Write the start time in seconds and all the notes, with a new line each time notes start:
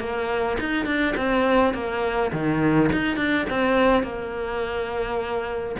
0.00 A#3
0.60 D#4
0.86 D4
1.17 C4
1.74 A#3
2.33 D#3
2.93 D#4
3.17 D4
3.50 C4
4.03 A#3